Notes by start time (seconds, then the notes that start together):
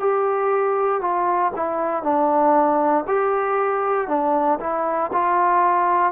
0.00 G4
1.01 F4
1.56 E4
2.03 D4
3.07 G4
4.08 D4
4.60 E4
5.13 F4